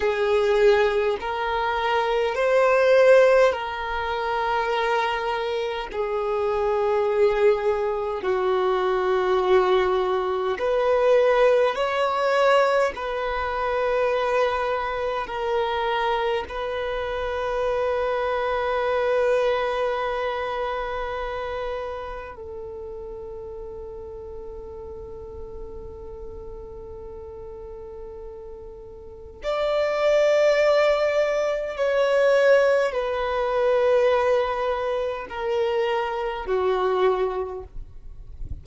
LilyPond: \new Staff \with { instrumentName = "violin" } { \time 4/4 \tempo 4 = 51 gis'4 ais'4 c''4 ais'4~ | ais'4 gis'2 fis'4~ | fis'4 b'4 cis''4 b'4~ | b'4 ais'4 b'2~ |
b'2. a'4~ | a'1~ | a'4 d''2 cis''4 | b'2 ais'4 fis'4 | }